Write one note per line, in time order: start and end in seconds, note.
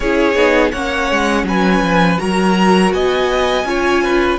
0.00 0.35 C#4
0.00 0.35 E4
0.00 0.72 G#4
0.00 0.71 C#5
0.35 0.71 B3
0.35 0.71 D#4
0.71 1.11 A#3
0.71 2.17 C#4
0.71 1.45 C#5
0.71 1.44 F#5
1.11 1.43 G#3
1.43 1.80 F#3
1.43 2.20 B4
1.43 2.18 G#5
1.81 2.18 F3
2.17 2.92 F#3
2.17 3.64 F#4
2.17 2.93 A#4
2.17 2.91 A#5
2.92 3.64 B3
2.92 3.67 D#5
2.92 4.38 G#5
3.64 4.37 C#4
3.64 4.38 F4
3.64 4.02 C#5
4.02 4.38 B4